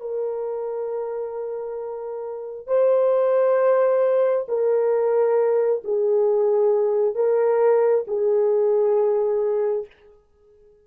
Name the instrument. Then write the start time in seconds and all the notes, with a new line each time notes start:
horn
0.00 A#4
2.67 C5
4.48 A#4
5.84 G#4
7.14 A#4
8.07 G#4